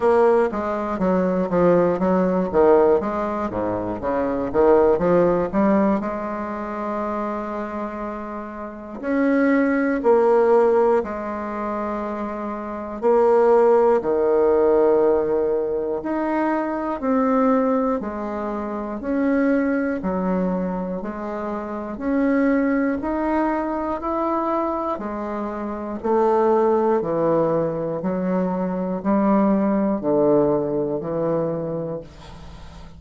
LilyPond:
\new Staff \with { instrumentName = "bassoon" } { \time 4/4 \tempo 4 = 60 ais8 gis8 fis8 f8 fis8 dis8 gis8 gis,8 | cis8 dis8 f8 g8 gis2~ | gis4 cis'4 ais4 gis4~ | gis4 ais4 dis2 |
dis'4 c'4 gis4 cis'4 | fis4 gis4 cis'4 dis'4 | e'4 gis4 a4 e4 | fis4 g4 d4 e4 | }